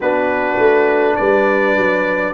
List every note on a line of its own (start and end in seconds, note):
0.00 0.58 B3
0.00 2.33 D4
0.00 1.14 F#4
0.00 1.16 B4
0.58 1.16 A3
1.16 1.76 G3
1.16 2.33 B4
1.16 2.33 D5
1.76 2.33 F#3